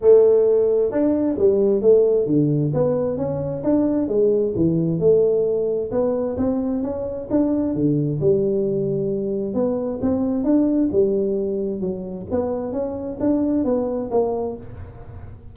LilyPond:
\new Staff \with { instrumentName = "tuba" } { \time 4/4 \tempo 4 = 132 a2 d'4 g4 | a4 d4 b4 cis'4 | d'4 gis4 e4 a4~ | a4 b4 c'4 cis'4 |
d'4 d4 g2~ | g4 b4 c'4 d'4 | g2 fis4 b4 | cis'4 d'4 b4 ais4 | }